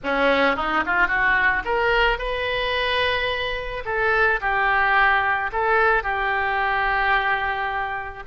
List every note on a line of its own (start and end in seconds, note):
0.03 0.56 C#4
0.56 0.83 D#4
0.86 1.07 F4
1.07 1.62 F#4
1.64 2.18 A#4
2.18 3.83 B4
3.85 4.40 A4
4.40 5.50 G4
5.52 6.03 A4
6.03 8.23 G4